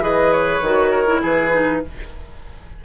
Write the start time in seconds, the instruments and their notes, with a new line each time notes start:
0.00 bassoon E3, clarinet G#4, oboe B4, flute D#5
0.33 flute C#5
0.62 bassoon D#3, clarinet F#4
0.92 oboe A#4
1.07 clarinet E4
1.23 bassoon E3, oboe G#4, flute B4
1.53 clarinet D#4